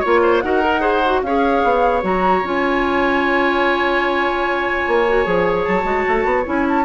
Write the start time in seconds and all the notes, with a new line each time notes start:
0.00 A#3 F4 C#5
0.23 C5
0.41 D#4 F#4 A#4 F#5
0.62 A#4
0.81 G#4 C5
1.05 F#4
1.22 C#4 G#4 C#5 F5
1.64 B3
2.02 F#3 F#4 A#5
2.43 C#4 F4 G#5
4.88 A#3
5.08 F#4
5.24 F3 G#4
5.64 F#3 A5
5.83 G#3 F#4
6.08 A3
6.25 B3
6.45 C#4 E4 G#5
6.68 A5